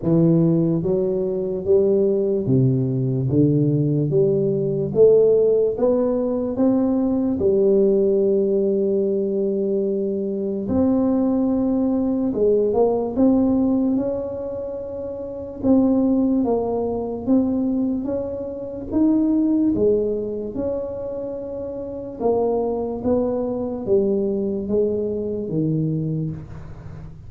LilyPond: \new Staff \with { instrumentName = "tuba" } { \time 4/4 \tempo 4 = 73 e4 fis4 g4 c4 | d4 g4 a4 b4 | c'4 g2.~ | g4 c'2 gis8 ais8 |
c'4 cis'2 c'4 | ais4 c'4 cis'4 dis'4 | gis4 cis'2 ais4 | b4 g4 gis4 dis4 | }